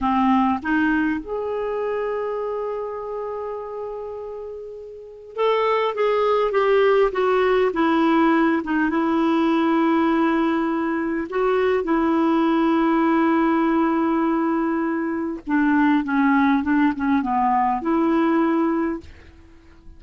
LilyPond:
\new Staff \with { instrumentName = "clarinet" } { \time 4/4 \tempo 4 = 101 c'4 dis'4 gis'2~ | gis'1~ | gis'4 a'4 gis'4 g'4 | fis'4 e'4. dis'8 e'4~ |
e'2. fis'4 | e'1~ | e'2 d'4 cis'4 | d'8 cis'8 b4 e'2 | }